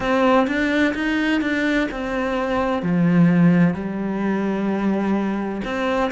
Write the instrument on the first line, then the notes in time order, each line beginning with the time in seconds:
cello
0.00 C4
0.47 D4
0.94 D#4
1.41 D4
1.91 C4
2.82 F3
3.74 G3
5.64 C4